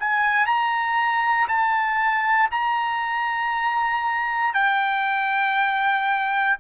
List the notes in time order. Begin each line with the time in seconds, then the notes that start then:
0.00 G#5
0.46 A#5
1.48 A5
2.51 A#5
4.54 G5